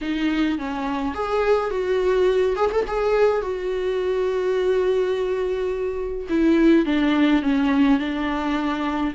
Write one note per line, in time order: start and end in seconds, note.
0.01 0.58 D#4
0.58 1.14 C#4
1.14 1.70 G#4
1.70 2.56 F#4
2.56 2.70 G#4
2.71 2.85 A4
2.87 3.41 G#4
3.41 6.27 F#4
6.29 6.85 E4
6.85 7.42 D4
7.42 7.99 C#4
7.99 9.13 D4